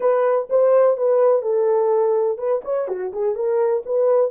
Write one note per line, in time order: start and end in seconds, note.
0.00 0.48 B4
0.49 0.97 C5
0.97 1.42 B4
1.42 2.38 A4
2.38 2.62 B4
2.64 2.88 C#5
2.88 3.12 F#4
3.12 3.35 G#4
3.35 3.83 A#4
3.85 4.30 B4